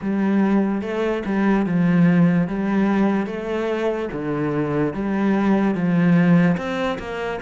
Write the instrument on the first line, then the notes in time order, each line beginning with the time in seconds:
cello
0.01 G3
0.81 A3
1.26 G3
1.66 F3
2.47 G3
3.26 A3
4.12 D3
4.93 G3
5.74 F3
6.57 C4
6.98 A#3